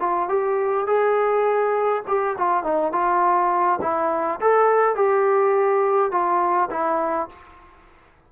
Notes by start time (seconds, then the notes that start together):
0.00 F4
0.29 G4
0.87 G#4
2.08 G4
2.38 F4
2.63 D#4
2.92 F4
3.82 E4
4.41 A4
4.95 G4
6.11 F4
6.70 E4